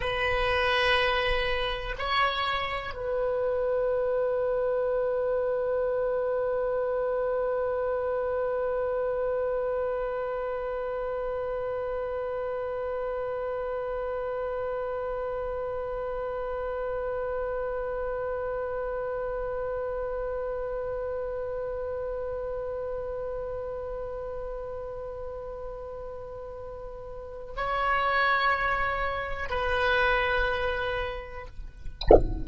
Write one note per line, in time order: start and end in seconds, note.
0.00 1.95 B4
1.98 2.94 C#5
2.94 27.53 B4
27.56 29.49 C#5
29.49 31.46 B4